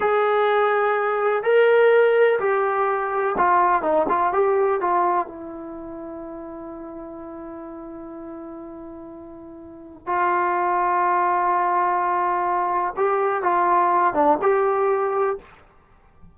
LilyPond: \new Staff \with { instrumentName = "trombone" } { \time 4/4 \tempo 4 = 125 gis'2. ais'4~ | ais'4 g'2 f'4 | dis'8 f'8 g'4 f'4 e'4~ | e'1~ |
e'1~ | e'4 f'2.~ | f'2. g'4 | f'4. d'8 g'2 | }